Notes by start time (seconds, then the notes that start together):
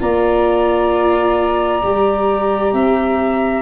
0.00 A#3 F4 D5 A#5
1.83 G3 G4
2.73 C4 E5